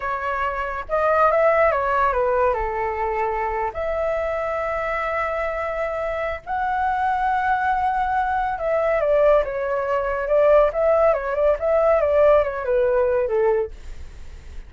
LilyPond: \new Staff \with { instrumentName = "flute" } { \time 4/4 \tempo 4 = 140 cis''2 dis''4 e''4 | cis''4 b'4 a'2~ | a'8. e''2.~ e''16~ | e''2. fis''4~ |
fis''1 | e''4 d''4 cis''2 | d''4 e''4 cis''8 d''8 e''4 | d''4 cis''8 b'4. a'4 | }